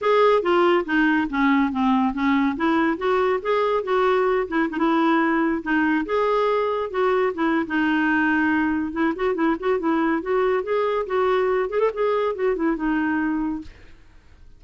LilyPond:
\new Staff \with { instrumentName = "clarinet" } { \time 4/4 \tempo 4 = 141 gis'4 f'4 dis'4 cis'4 | c'4 cis'4 e'4 fis'4 | gis'4 fis'4. e'8 dis'16 e'8.~ | e'4~ e'16 dis'4 gis'4.~ gis'16~ |
gis'16 fis'4 e'8. dis'2~ | dis'4 e'8 fis'8 e'8 fis'8 e'4 | fis'4 gis'4 fis'4. gis'16 a'16 | gis'4 fis'8 e'8 dis'2 | }